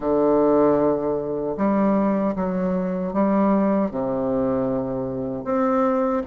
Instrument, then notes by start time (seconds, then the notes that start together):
bassoon
0.00 D3
1.57 G3
2.35 F#3
3.13 G3
3.91 C3
5.44 C4